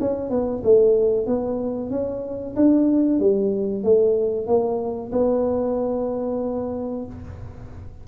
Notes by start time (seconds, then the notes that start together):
0.00 C#4
0.30 B3
0.64 A3
1.26 B3
1.91 C#4
2.56 D4
3.20 G3
3.84 A3
4.47 A#3
5.12 B3